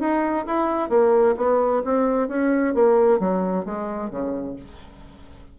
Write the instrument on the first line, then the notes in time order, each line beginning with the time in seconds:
bassoon
0.00 D#4
0.47 E4
0.90 A#3
1.37 B3
1.85 C4
2.29 C#4
2.74 A#3
3.20 F#3
3.66 G#3
4.10 C#3